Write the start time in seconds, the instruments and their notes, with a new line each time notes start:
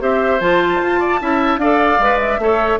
0.00 bassoon C4, clarinet G4, oboe C5, flute E5
0.40 bassoon F3, clarinet F4, flute A5
0.82 bassoon F4
1.00 oboe D5
1.20 bassoon C#4, clarinet E4, oboe E5
1.57 bassoon D4, clarinet A4, oboe D5, flute F5
1.99 bassoon G#3, clarinet B4
2.19 flute E5
2.39 bassoon A3, clarinet A4, oboe C#5